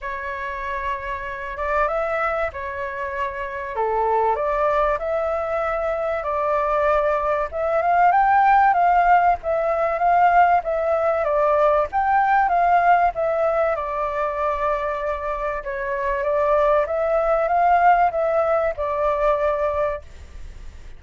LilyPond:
\new Staff \with { instrumentName = "flute" } { \time 4/4 \tempo 4 = 96 cis''2~ cis''8 d''8 e''4 | cis''2 a'4 d''4 | e''2 d''2 | e''8 f''8 g''4 f''4 e''4 |
f''4 e''4 d''4 g''4 | f''4 e''4 d''2~ | d''4 cis''4 d''4 e''4 | f''4 e''4 d''2 | }